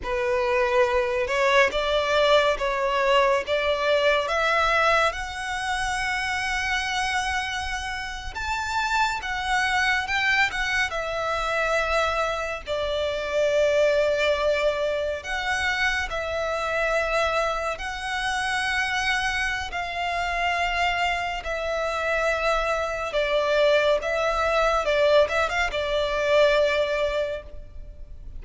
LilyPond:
\new Staff \with { instrumentName = "violin" } { \time 4/4 \tempo 4 = 70 b'4. cis''8 d''4 cis''4 | d''4 e''4 fis''2~ | fis''4.~ fis''16 a''4 fis''4 g''16~ | g''16 fis''8 e''2 d''4~ d''16~ |
d''4.~ d''16 fis''4 e''4~ e''16~ | e''8. fis''2~ fis''16 f''4~ | f''4 e''2 d''4 | e''4 d''8 e''16 f''16 d''2 | }